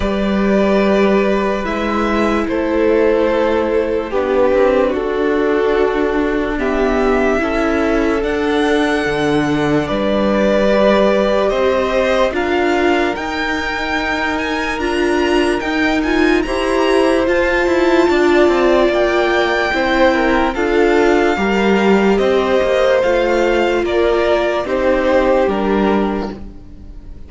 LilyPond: <<
  \new Staff \with { instrumentName = "violin" } { \time 4/4 \tempo 4 = 73 d''2 e''4 c''4~ | c''4 b'4 a'2 | e''2 fis''2 | d''2 dis''4 f''4 |
g''4. gis''8 ais''4 g''8 gis''8 | ais''4 a''2 g''4~ | g''4 f''2 dis''4 | f''4 d''4 c''4 ais'4 | }
  \new Staff \with { instrumentName = "violin" } { \time 4/4 b'2. a'4~ | a'4 g'4 fis'2 | g'4 a'2. | b'2 c''4 ais'4~ |
ais'1 | c''2 d''2 | c''8 ais'8 a'4 ais'4 c''4~ | c''4 ais'4 g'2 | }
  \new Staff \with { instrumentName = "viola" } { \time 4/4 g'2 e'2~ | e'4 d'2. | b4 e'4 d'2~ | d'4 g'2 f'4 |
dis'2 f'4 dis'8 f'8 | g'4 f'2. | e'4 f'4 g'2 | f'2 dis'4 d'4 | }
  \new Staff \with { instrumentName = "cello" } { \time 4/4 g2 gis4 a4~ | a4 b8 c'8 d'2~ | d'4 cis'4 d'4 d4 | g2 c'4 d'4 |
dis'2 d'4 dis'4 | e'4 f'8 e'8 d'8 c'8 ais4 | c'4 d'4 g4 c'8 ais8 | a4 ais4 c'4 g4 | }
>>